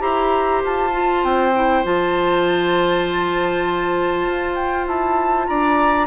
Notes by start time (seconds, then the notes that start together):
0.00 E4 G4 C5 A#5
0.65 F4 A5
0.92 F4
1.24 C4 G5
1.55 E4
1.84 F3 F4 A5
4.27 F4
4.56 G5
4.87 E4 A5
5.47 D4 D5 A#5